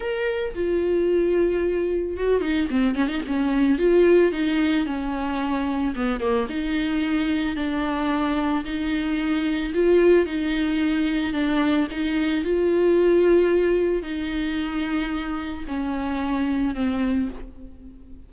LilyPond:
\new Staff \with { instrumentName = "viola" } { \time 4/4 \tempo 4 = 111 ais'4 f'2. | fis'8 dis'8 c'8 cis'16 dis'16 cis'4 f'4 | dis'4 cis'2 b8 ais8 | dis'2 d'2 |
dis'2 f'4 dis'4~ | dis'4 d'4 dis'4 f'4~ | f'2 dis'2~ | dis'4 cis'2 c'4 | }